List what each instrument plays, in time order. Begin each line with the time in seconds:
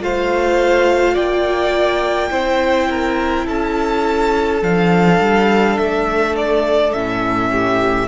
0.00 cello A3, viola F4, violin C5 F5
1.14 cello A#3, violin D5 G5
2.31 cello C4, viola E4, violin C5
2.90 violin A#4
3.46 cello C#4, violin A4 A5
4.62 cello F3, viola D4, violin F5
5.20 cello G3
5.78 cello A3, violin E5
6.36 violin D5
6.93 cello A2, viola C#4, violin E5
7.51 violin G4